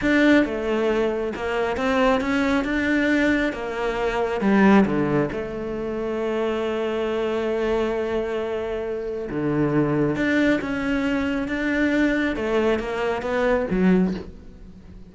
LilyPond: \new Staff \with { instrumentName = "cello" } { \time 4/4 \tempo 4 = 136 d'4 a2 ais4 | c'4 cis'4 d'2 | ais2 g4 d4 | a1~ |
a1~ | a4 d2 d'4 | cis'2 d'2 | a4 ais4 b4 fis4 | }